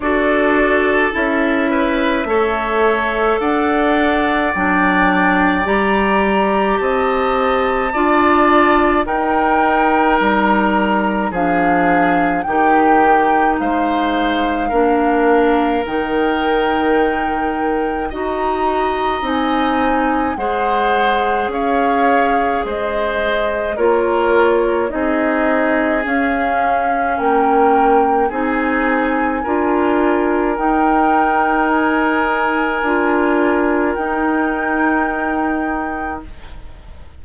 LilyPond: <<
  \new Staff \with { instrumentName = "flute" } { \time 4/4 \tempo 4 = 53 d''4 e''2 fis''4 | g''4 ais''4 a''2 | g''4 ais''4 f''4 g''4 | f''2 g''2 |
ais''4 gis''4 fis''4 f''4 | dis''4 cis''4 dis''4 f''4 | g''4 gis''2 g''4 | gis''2 g''2 | }
  \new Staff \with { instrumentName = "oboe" } { \time 4/4 a'4. b'8 cis''4 d''4~ | d''2 dis''4 d''4 | ais'2 gis'4 g'4 | c''4 ais'2. |
dis''2 c''4 cis''4 | c''4 ais'4 gis'2 | ais'4 gis'4 ais'2~ | ais'1 | }
  \new Staff \with { instrumentName = "clarinet" } { \time 4/4 fis'4 e'4 a'2 | d'4 g'2 f'4 | dis'2 d'4 dis'4~ | dis'4 d'4 dis'2 |
fis'4 dis'4 gis'2~ | gis'4 f'4 dis'4 cis'4~ | cis'4 dis'4 f'4 dis'4~ | dis'4 f'4 dis'2 | }
  \new Staff \with { instrumentName = "bassoon" } { \time 4/4 d'4 cis'4 a4 d'4 | fis4 g4 c'4 d'4 | dis'4 g4 f4 dis4 | gis4 ais4 dis2 |
dis'4 c'4 gis4 cis'4 | gis4 ais4 c'4 cis'4 | ais4 c'4 d'4 dis'4~ | dis'4 d'4 dis'2 | }
>>